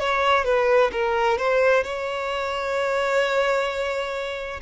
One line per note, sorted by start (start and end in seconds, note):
0.00 0.45 C#5
0.45 0.91 B4
0.93 1.38 A#4
1.38 1.84 C5
1.84 4.61 C#5